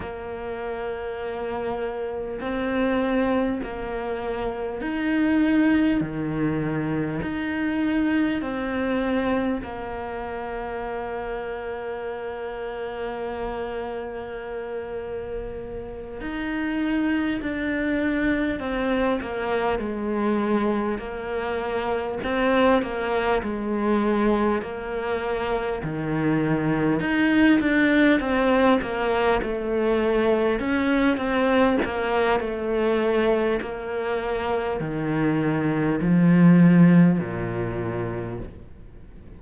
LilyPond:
\new Staff \with { instrumentName = "cello" } { \time 4/4 \tempo 4 = 50 ais2 c'4 ais4 | dis'4 dis4 dis'4 c'4 | ais1~ | ais4. dis'4 d'4 c'8 |
ais8 gis4 ais4 c'8 ais8 gis8~ | gis8 ais4 dis4 dis'8 d'8 c'8 | ais8 a4 cis'8 c'8 ais8 a4 | ais4 dis4 f4 ais,4 | }